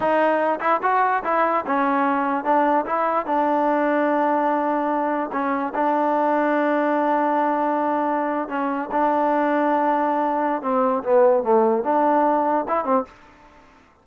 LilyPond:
\new Staff \with { instrumentName = "trombone" } { \time 4/4 \tempo 4 = 147 dis'4. e'8 fis'4 e'4 | cis'2 d'4 e'4 | d'1~ | d'4 cis'4 d'2~ |
d'1~ | d'8. cis'4 d'2~ d'16~ | d'2 c'4 b4 | a4 d'2 e'8 c'8 | }